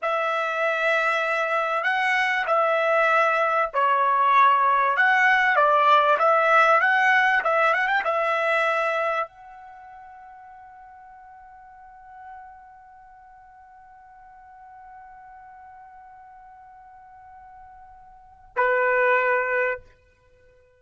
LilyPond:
\new Staff \with { instrumentName = "trumpet" } { \time 4/4 \tempo 4 = 97 e''2. fis''4 | e''2 cis''2 | fis''4 d''4 e''4 fis''4 | e''8 fis''16 g''16 e''2 fis''4~ |
fis''1~ | fis''1~ | fis''1~ | fis''2 b'2 | }